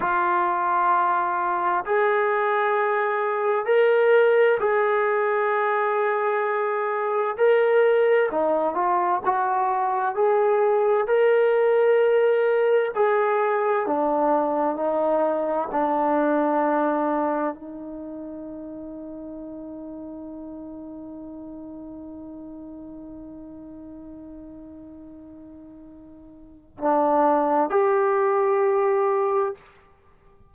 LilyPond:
\new Staff \with { instrumentName = "trombone" } { \time 4/4 \tempo 4 = 65 f'2 gis'2 | ais'4 gis'2. | ais'4 dis'8 f'8 fis'4 gis'4 | ais'2 gis'4 d'4 |
dis'4 d'2 dis'4~ | dis'1~ | dis'1~ | dis'4 d'4 g'2 | }